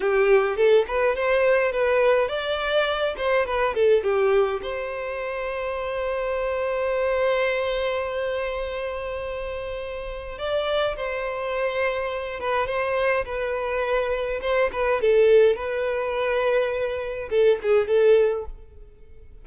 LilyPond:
\new Staff \with { instrumentName = "violin" } { \time 4/4 \tempo 4 = 104 g'4 a'8 b'8 c''4 b'4 | d''4. c''8 b'8 a'8 g'4 | c''1~ | c''1~ |
c''2 d''4 c''4~ | c''4. b'8 c''4 b'4~ | b'4 c''8 b'8 a'4 b'4~ | b'2 a'8 gis'8 a'4 | }